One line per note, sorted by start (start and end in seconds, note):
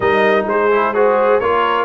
0.00 0.45 G3
0.00 0.71 D#4
0.00 0.47 A#4
0.00 0.46 D#5
0.47 1.40 G#3
0.47 0.94 G#4
0.47 0.93 C5
0.71 0.94 E4
0.93 1.41 F#4
0.93 1.40 G#4
0.93 1.40 C5
1.40 1.84 A#3
1.40 1.84 F4
1.40 1.84 A#4
1.40 1.84 C#5